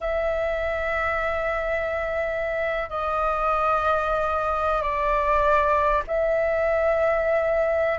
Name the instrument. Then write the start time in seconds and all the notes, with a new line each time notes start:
flute
0.00 E5
2.89 D#5
4.81 D5
6.07 E5